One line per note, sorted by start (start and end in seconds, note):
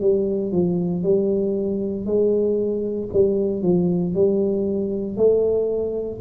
0.00 0.52 G3
0.52 1.03 F3
1.03 2.05 G3
2.05 3.09 G#3
3.13 3.62 G3
3.62 4.14 F3
4.14 5.17 G3
5.17 6.20 A3